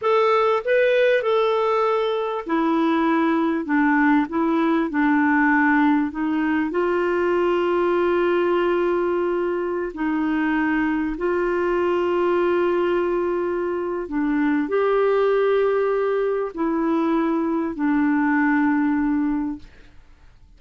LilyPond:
\new Staff \with { instrumentName = "clarinet" } { \time 4/4 \tempo 4 = 98 a'4 b'4 a'2 | e'2 d'4 e'4 | d'2 dis'4 f'4~ | f'1~ |
f'16 dis'2 f'4.~ f'16~ | f'2. d'4 | g'2. e'4~ | e'4 d'2. | }